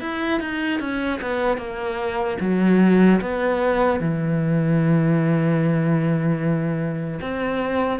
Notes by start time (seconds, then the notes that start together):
0.00 E4
0.40 D#4
0.80 C#4
1.21 B3
1.57 A#3
2.40 F#3
3.21 B3
4.00 E3
7.21 C4